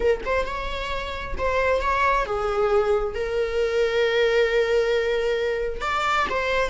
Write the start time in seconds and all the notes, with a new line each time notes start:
0.00 A#4
0.25 C5
0.45 C#5
1.38 C5
1.81 C#5
2.25 G#4
3.14 A#4
5.81 D5
6.29 C5